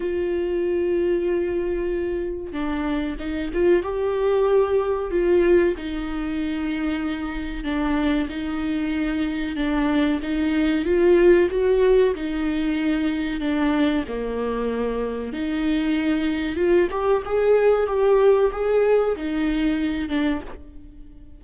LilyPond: \new Staff \with { instrumentName = "viola" } { \time 4/4 \tempo 4 = 94 f'1 | d'4 dis'8 f'8 g'2 | f'4 dis'2. | d'4 dis'2 d'4 |
dis'4 f'4 fis'4 dis'4~ | dis'4 d'4 ais2 | dis'2 f'8 g'8 gis'4 | g'4 gis'4 dis'4. d'8 | }